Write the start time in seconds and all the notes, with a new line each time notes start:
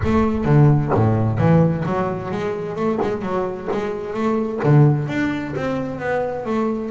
0.04 A3
0.44 D3
0.94 A2
1.38 E3
1.85 F#3
2.31 G#3
2.75 A3
3.01 G#3
3.22 F#3
3.71 G#3
4.13 A3
4.63 D3
5.08 D4
5.56 C4
5.99 B3
6.45 A3